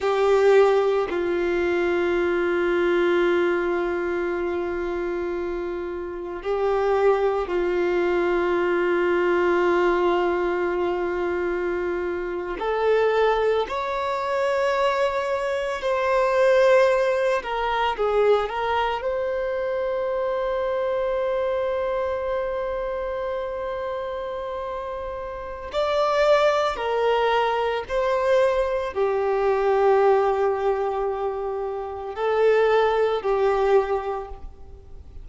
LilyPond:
\new Staff \with { instrumentName = "violin" } { \time 4/4 \tempo 4 = 56 g'4 f'2.~ | f'2 g'4 f'4~ | f'2.~ f'8. a'16~ | a'8. cis''2 c''4~ c''16~ |
c''16 ais'8 gis'8 ais'8 c''2~ c''16~ | c''1 | d''4 ais'4 c''4 g'4~ | g'2 a'4 g'4 | }